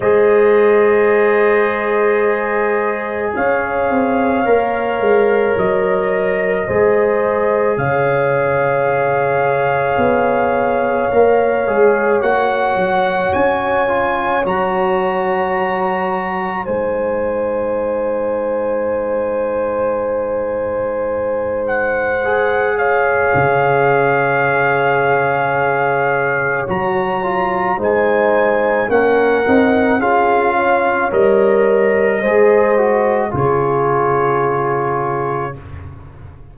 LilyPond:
<<
  \new Staff \with { instrumentName = "trumpet" } { \time 4/4 \tempo 4 = 54 dis''2. f''4~ | f''4 dis''2 f''4~ | f''2. fis''4 | gis''4 ais''2 gis''4~ |
gis''2.~ gis''8 fis''8~ | fis''8 f''2.~ f''8 | ais''4 gis''4 fis''4 f''4 | dis''2 cis''2 | }
  \new Staff \with { instrumentName = "horn" } { \time 4/4 c''2. cis''4~ | cis''2 c''4 cis''4~ | cis''1~ | cis''2. c''4~ |
c''1~ | c''8 cis''2.~ cis''8~ | cis''4 c''4 ais'4 gis'8 cis''8~ | cis''4 c''4 gis'2 | }
  \new Staff \with { instrumentName = "trombone" } { \time 4/4 gis'1 | ais'2 gis'2~ | gis'2 ais'8 gis'8 fis'4~ | fis'8 f'8 fis'2 dis'4~ |
dis'1 | gis'1 | fis'8 f'8 dis'4 cis'8 dis'8 f'4 | ais'4 gis'8 fis'8 f'2 | }
  \new Staff \with { instrumentName = "tuba" } { \time 4/4 gis2. cis'8 c'8 | ais8 gis8 fis4 gis4 cis4~ | cis4 b4 ais8 gis8 ais8 fis8 | cis'4 fis2 gis4~ |
gis1~ | gis4 cis2. | fis4 gis4 ais8 c'8 cis'4 | g4 gis4 cis2 | }
>>